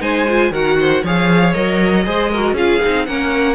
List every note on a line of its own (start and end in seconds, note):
0.00 0.51 G#3
0.00 0.25 D#4
0.00 0.51 C5
0.00 0.52 G#5
0.28 0.52 F4
0.51 1.01 D#3
0.51 1.03 F#4
0.51 0.77 A#4
0.51 1.04 F#5
0.80 1.02 C5
1.02 1.54 F3
1.02 1.54 G#4
1.02 2.04 C#5
1.02 1.53 F5
1.53 2.06 F#3
1.53 2.04 A#4
1.53 2.55 D#5
2.04 2.52 G#3
2.04 2.29 G#4
2.04 2.31 C5
2.31 2.56 F#4
2.31 2.54 A#4
2.52 2.78 C#4
2.52 2.81 F4
2.52 3.05 G#4
2.52 3.06 F5
2.82 3.08 C4
2.82 3.07 D#4
3.06 3.54 A#3
3.06 3.54 C#4
3.06 3.54 A#4
3.06 3.54 F#5